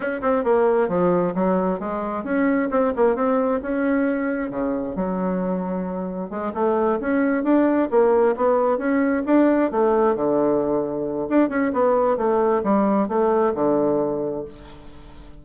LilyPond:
\new Staff \with { instrumentName = "bassoon" } { \time 4/4 \tempo 4 = 133 cis'8 c'8 ais4 f4 fis4 | gis4 cis'4 c'8 ais8 c'4 | cis'2 cis4 fis4~ | fis2 gis8 a4 cis'8~ |
cis'8 d'4 ais4 b4 cis'8~ | cis'8 d'4 a4 d4.~ | d4 d'8 cis'8 b4 a4 | g4 a4 d2 | }